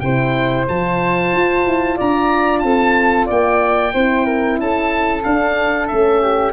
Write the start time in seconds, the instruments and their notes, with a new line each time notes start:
0.00 tuba C3, horn E4, flute C5, oboe G5
0.68 tuba F3, horn F4, oboe A5
1.33 tuba F4
1.66 tuba E4
1.96 tuba D4, flute D5, oboe A#5
2.60 tuba C4, flute A4, oboe A5
3.26 tuba A#3, flute D5, oboe G5
3.94 tuba C4, horn E4, flute C5
4.26 flute A#4
4.59 tuba C#4, flute A4, oboe A5
5.24 horn D4, tuba D4, oboe F5
5.88 tuba A3, horn C#4, oboe E5
6.22 flute G4